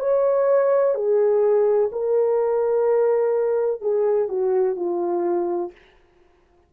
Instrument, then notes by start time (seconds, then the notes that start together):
horn
0.00 C#5
0.95 G#4
1.92 A#4
3.82 G#4
4.29 F#4
4.77 F4